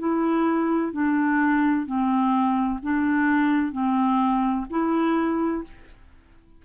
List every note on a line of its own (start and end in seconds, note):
0.00 0.93 E4
0.93 1.86 D4
1.86 2.80 C4
2.83 3.73 D4
3.73 4.67 C4
4.70 5.64 E4